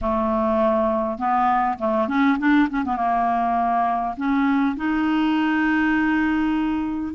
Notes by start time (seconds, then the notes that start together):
0.01 A3
1.18 B3
1.78 A3
2.08 C#4
2.38 D4
2.69 C#4
2.85 B3
2.96 A#3
4.16 C#4
4.76 D#4